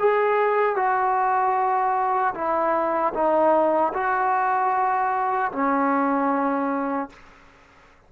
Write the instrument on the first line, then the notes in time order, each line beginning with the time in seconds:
trombone
0.00 G#4
0.76 F#4
2.35 E4
3.14 D#4
3.94 F#4
5.52 C#4